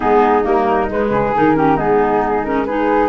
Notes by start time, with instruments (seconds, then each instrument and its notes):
0.00 tuba G#3, clarinet B3, flute D#4 G#4
0.43 tuba G3, clarinet A#3, flute A#4
0.89 clarinet G#3, tuba G#3, flute B4
1.10 tuba C#3, flute G#4
1.34 tuba D#3, clarinet D#4, flute A#4
1.55 clarinet C#4, flute G4
1.76 tuba G#3, clarinet B3, flute D#4 G#4
2.44 clarinet C#4, flute A#4
2.65 clarinet D#4, flute G#4 B4